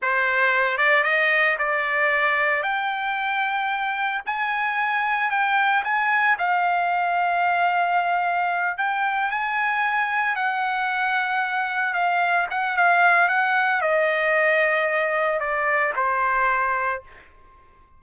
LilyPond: \new Staff \with { instrumentName = "trumpet" } { \time 4/4 \tempo 4 = 113 c''4. d''8 dis''4 d''4~ | d''4 g''2. | gis''2 g''4 gis''4 | f''1~ |
f''8 g''4 gis''2 fis''8~ | fis''2~ fis''8 f''4 fis''8 | f''4 fis''4 dis''2~ | dis''4 d''4 c''2 | }